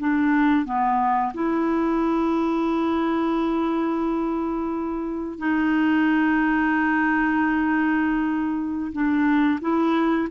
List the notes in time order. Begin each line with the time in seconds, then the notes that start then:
0.00 D4
0.66 B3
1.34 E4
5.38 D#4
8.92 D4
9.61 E4